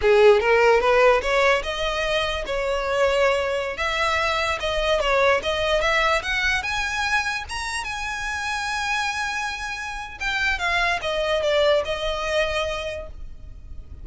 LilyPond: \new Staff \with { instrumentName = "violin" } { \time 4/4 \tempo 4 = 147 gis'4 ais'4 b'4 cis''4 | dis''2 cis''2~ | cis''4~ cis''16 e''2 dis''8.~ | dis''16 cis''4 dis''4 e''4 fis''8.~ |
fis''16 gis''2 ais''4 gis''8.~ | gis''1~ | gis''4 g''4 f''4 dis''4 | d''4 dis''2. | }